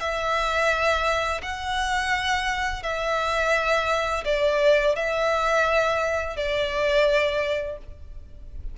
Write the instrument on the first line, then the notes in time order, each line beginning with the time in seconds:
violin
0.00 E5
1.42 F#5
2.83 E5
4.25 D5
4.95 E5
6.36 D5